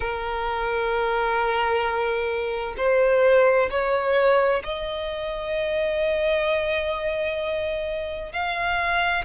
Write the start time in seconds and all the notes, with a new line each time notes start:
0.00 A#4
2.77 C5
3.70 C#5
4.63 D#5
8.32 F5